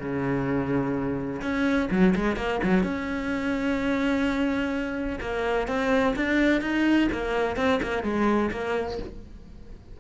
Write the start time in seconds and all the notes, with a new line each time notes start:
0.00 C#3
1.42 C#4
1.91 F#3
2.16 G#3
2.37 A#3
2.64 F#3
2.84 C#4
5.21 A#3
5.68 C4
6.16 D4
6.61 D#4
7.13 A#3
7.57 C4
7.83 A#3
8.04 G#3
8.51 A#3